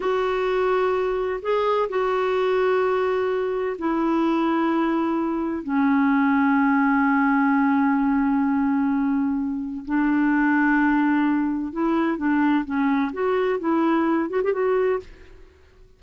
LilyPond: \new Staff \with { instrumentName = "clarinet" } { \time 4/4 \tempo 4 = 128 fis'2. gis'4 | fis'1 | e'1 | cis'1~ |
cis'1~ | cis'4 d'2.~ | d'4 e'4 d'4 cis'4 | fis'4 e'4. fis'16 g'16 fis'4 | }